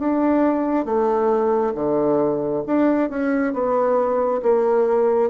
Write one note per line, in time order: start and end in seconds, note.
0.00 0.85 D4
0.85 1.74 A3
1.75 2.64 D3
2.67 3.10 D4
3.10 3.53 C#4
3.53 4.42 B3
4.43 5.31 A#3